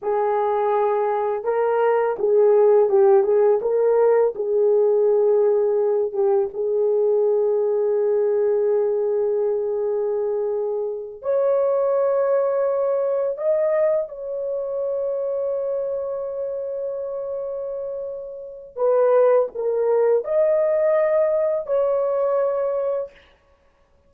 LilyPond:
\new Staff \with { instrumentName = "horn" } { \time 4/4 \tempo 4 = 83 gis'2 ais'4 gis'4 | g'8 gis'8 ais'4 gis'2~ | gis'8 g'8 gis'2.~ | gis'2.~ gis'8 cis''8~ |
cis''2~ cis''8 dis''4 cis''8~ | cis''1~ | cis''2 b'4 ais'4 | dis''2 cis''2 | }